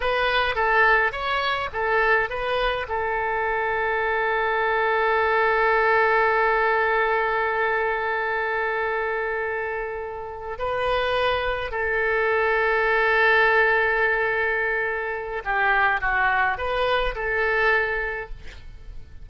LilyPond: \new Staff \with { instrumentName = "oboe" } { \time 4/4 \tempo 4 = 105 b'4 a'4 cis''4 a'4 | b'4 a'2.~ | a'1~ | a'1~ |
a'2~ a'8 b'4.~ | b'8 a'2.~ a'8~ | a'2. g'4 | fis'4 b'4 a'2 | }